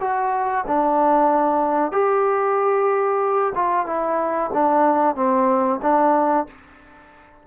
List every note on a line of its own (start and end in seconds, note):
0.00 0.65 F#4
0.67 1.91 D4
1.91 3.53 G4
3.55 3.86 F4
3.86 4.50 E4
4.53 5.15 D4
5.15 5.80 C4
5.82 6.46 D4